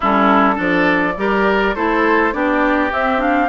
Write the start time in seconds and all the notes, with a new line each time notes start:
0.00 G3 C#4 E4 A4
0.55 F3 D4 A4 D5
1.17 G3 G4 A#4
1.75 A3 E4 A4 C5
2.32 B3 D4 G4 D5
2.91 C4 E5
3.18 D4 F5